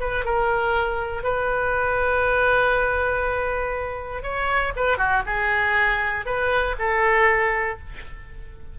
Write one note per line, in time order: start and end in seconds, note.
0.00 0.25 B4
0.25 1.23 A#4
1.23 4.23 B4
4.23 4.73 C#5
4.76 4.98 B4
4.98 5.23 F#4
5.26 6.26 G#4
6.26 6.76 B4
6.79 7.79 A4